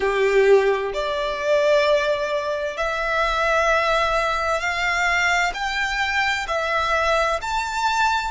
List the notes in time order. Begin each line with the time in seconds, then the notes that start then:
0.00 G4
0.93 D5
2.77 E5
4.60 F5
5.54 G5
6.47 E5
7.41 A5